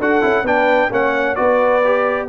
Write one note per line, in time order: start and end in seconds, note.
0.00 0.23 D4
0.00 0.22 F#4
0.00 0.44 A4
0.00 0.47 F#5
0.22 0.43 C#4
0.22 0.45 E4
0.43 0.89 B3
0.43 0.91 D4
0.43 0.90 B4
0.43 0.93 G5
0.91 1.37 A#3
0.91 1.36 C#4
0.91 1.37 C#5
0.91 1.36 F#5
1.36 2.29 B3
1.36 1.82 F#4
1.36 2.29 B4
1.36 2.27 D5
1.85 2.29 G4